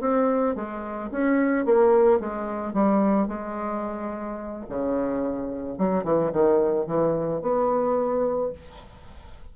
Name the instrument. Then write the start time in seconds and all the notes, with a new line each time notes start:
bassoon
0.00 C4
0.55 G#3
1.11 C#4
1.65 A#3
2.19 G#3
2.73 G3
3.28 G#3
4.69 C#3
5.78 F#3
6.03 E3
6.32 D#3
6.86 E3
7.42 B3